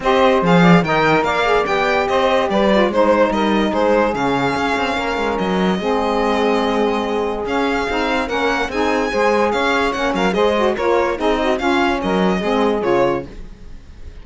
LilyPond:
<<
  \new Staff \with { instrumentName = "violin" } { \time 4/4 \tempo 4 = 145 dis''4 f''4 g''4 f''4 | g''4 dis''4 d''4 c''4 | dis''4 c''4 f''2~ | f''4 dis''2.~ |
dis''2 f''2 | fis''4 gis''2 f''4 | fis''8 f''8 dis''4 cis''4 dis''4 | f''4 dis''2 cis''4 | }
  \new Staff \with { instrumentName = "saxophone" } { \time 4/4 c''4. d''8 dis''4 d''4~ | d''4 c''4 b'4 c''4 | ais'4 gis'2. | ais'2 gis'2~ |
gis'1 | ais'4 gis'4 c''4 cis''4~ | cis''8 ais'8 c''4 ais'4 gis'8 fis'8 | f'4 ais'4 gis'2 | }
  \new Staff \with { instrumentName = "saxophone" } { \time 4/4 g'4 gis'4 ais'4. gis'8 | g'2~ g'8 f'8 dis'4~ | dis'2 cis'2~ | cis'2 c'2~ |
c'2 cis'4 dis'4 | cis'4 dis'4 gis'2 | cis'4 gis'8 fis'8 f'4 dis'4 | cis'2 c'4 f'4 | }
  \new Staff \with { instrumentName = "cello" } { \time 4/4 c'4 f4 dis4 ais4 | b4 c'4 g4 gis4 | g4 gis4 cis4 cis'8 c'8 | ais8 gis8 fis4 gis2~ |
gis2 cis'4 c'4 | ais4 c'4 gis4 cis'4 | ais8 fis8 gis4 ais4 c'4 | cis'4 fis4 gis4 cis4 | }
>>